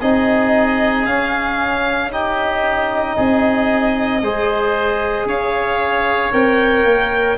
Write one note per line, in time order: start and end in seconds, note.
0.00 1.07 C4
0.00 1.07 D#4
0.00 2.11 G#4
0.00 1.06 D#5
1.06 2.11 C#4
1.06 3.18 C#4
1.06 2.11 F5
2.11 4.22 D#4
2.11 3.16 G4
2.11 5.28 D#5
3.16 4.22 C4
3.16 4.22 G#4
4.22 5.26 G#3
4.22 6.32 G#4
4.22 5.27 C5
5.26 6.31 C#4
5.26 7.38 C#5
5.26 6.33 F5
6.32 6.85 C4
6.32 7.38 A#4
6.32 7.38 G5
6.85 7.37 A#3